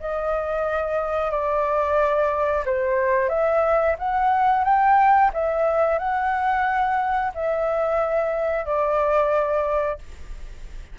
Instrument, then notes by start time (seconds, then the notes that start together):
flute
0.00 D#5
1.31 D5
2.65 C5
3.29 E5
3.98 F#5
4.64 G5
5.33 E5
5.98 F#5
7.34 E5
8.65 D5